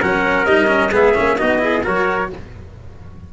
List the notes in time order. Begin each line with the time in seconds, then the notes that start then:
0.00 F#3 C#4 A#4 F#5
0.46 G3 D#4 D#5
0.68 C#4
0.91 G#3 B3 G#4 E5
1.15 A#3 C#4
1.38 B3 D#4 F#4 D#5
1.59 E4 G#4
1.83 F#3 F#4 A#4 C#5